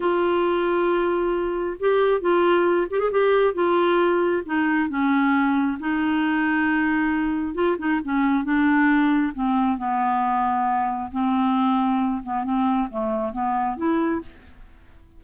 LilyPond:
\new Staff \with { instrumentName = "clarinet" } { \time 4/4 \tempo 4 = 135 f'1 | g'4 f'4. g'16 gis'16 g'4 | f'2 dis'4 cis'4~ | cis'4 dis'2.~ |
dis'4 f'8 dis'8 cis'4 d'4~ | d'4 c'4 b2~ | b4 c'2~ c'8 b8 | c'4 a4 b4 e'4 | }